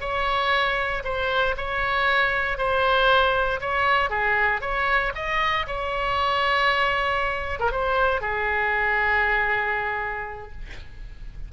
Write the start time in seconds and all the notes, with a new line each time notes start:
0.00 C#5
1.03 C5
1.57 C#5
2.57 C5
3.60 C#5
4.09 G#4
4.61 C#5
5.14 D#5
5.67 C#5
7.59 A#4
7.71 C5
8.21 G#4